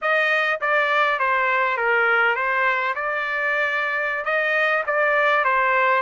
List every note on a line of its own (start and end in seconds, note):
0.01 0.60 D#5
0.60 1.19 D5
1.19 1.77 C5
1.77 2.35 A#4
2.35 2.94 C5
2.95 4.25 D5
4.25 4.83 D#5
4.86 5.44 D5
5.44 6.02 C5